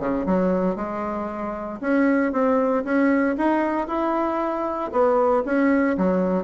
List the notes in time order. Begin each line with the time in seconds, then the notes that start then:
0.00 C#3
0.26 F#3
0.76 G#3
1.81 C#4
2.33 C4
2.85 C#4
3.38 D#4
3.88 E4
4.92 B3
5.45 C#4
5.98 F#3